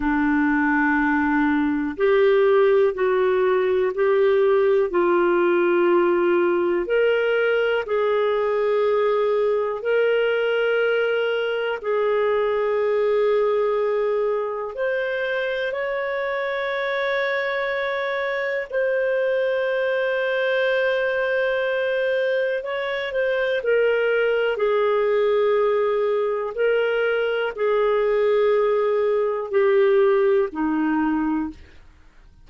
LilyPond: \new Staff \with { instrumentName = "clarinet" } { \time 4/4 \tempo 4 = 61 d'2 g'4 fis'4 | g'4 f'2 ais'4 | gis'2 ais'2 | gis'2. c''4 |
cis''2. c''4~ | c''2. cis''8 c''8 | ais'4 gis'2 ais'4 | gis'2 g'4 dis'4 | }